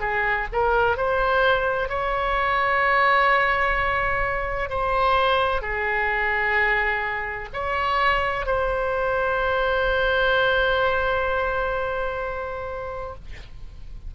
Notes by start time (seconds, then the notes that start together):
0.00 G#4
0.52 A#4
0.96 C5
1.89 C#5
4.69 C5
5.61 G#4
7.53 C#5
8.46 C5